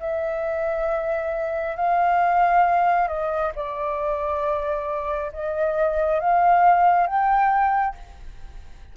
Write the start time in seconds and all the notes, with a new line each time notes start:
0.00 E5
1.76 F5
3.08 D#5
3.55 D5
5.33 D#5
6.20 F5
7.07 G5